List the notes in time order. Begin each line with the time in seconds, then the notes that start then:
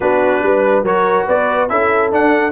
0.00 B3 D4 F#4 B4
0.42 G3 B4
0.83 F#3 F#4 A#4 C#5
1.26 B3 B4 D5
1.68 C#4 E4 A4 E5
2.12 D4 F#5